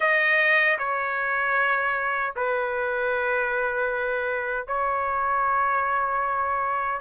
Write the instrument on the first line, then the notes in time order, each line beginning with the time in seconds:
trumpet
0.00 D#5
0.78 C#5
2.36 B4
4.67 C#5